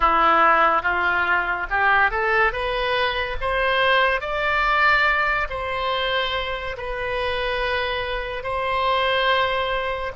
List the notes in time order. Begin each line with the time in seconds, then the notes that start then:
0.00 E4
0.82 F4
1.69 G4
2.10 A4
2.52 B4
3.40 C5
4.20 D5
5.49 C5
6.77 B4
8.43 C5